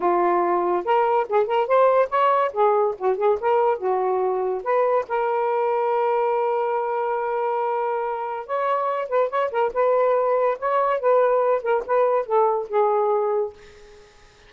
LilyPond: \new Staff \with { instrumentName = "saxophone" } { \time 4/4 \tempo 4 = 142 f'2 ais'4 gis'8 ais'8 | c''4 cis''4 gis'4 fis'8 gis'8 | ais'4 fis'2 b'4 | ais'1~ |
ais'1 | cis''4. b'8 cis''8 ais'8 b'4~ | b'4 cis''4 b'4. ais'8 | b'4 a'4 gis'2 | }